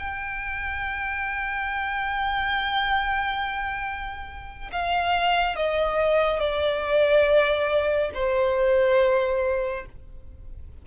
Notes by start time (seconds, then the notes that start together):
0.00 G5
4.73 F5
5.57 D#5
6.40 D5
8.14 C5